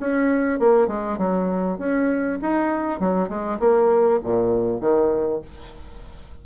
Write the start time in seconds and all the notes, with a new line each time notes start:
0.00 C#4
0.60 A#3
0.88 G#3
1.18 F#3
1.79 C#4
2.42 D#4
3.00 F#3
3.29 G#3
3.60 A#3
4.23 A#2
4.81 D#3